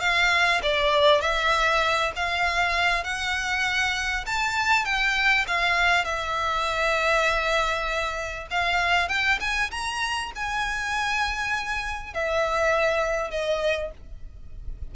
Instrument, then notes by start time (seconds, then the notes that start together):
violin
0.00 F5
0.62 D5
1.21 E5
2.15 F5
3.04 F#5
4.26 A5
4.85 G5
5.47 F5
6.04 E5
8.50 F5
9.08 G5
9.40 G#5
9.71 A#5
10.35 G#5
12.14 E5
13.30 D#5